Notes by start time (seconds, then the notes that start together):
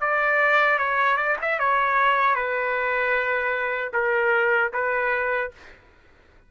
0.00 D5
0.78 C#5
1.17 D5
1.41 E5
1.59 C#5
2.35 B4
3.93 A#4
4.73 B4